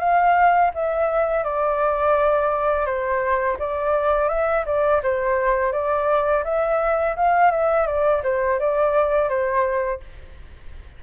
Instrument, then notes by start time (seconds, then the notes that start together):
flute
0.00 F5
0.75 E5
1.44 D5
2.86 C5
3.60 D5
4.29 E5
4.66 D5
5.04 C5
5.73 D5
6.45 E5
7.17 F5
7.52 E5
7.87 D5
8.24 C5
8.60 D5
9.30 C5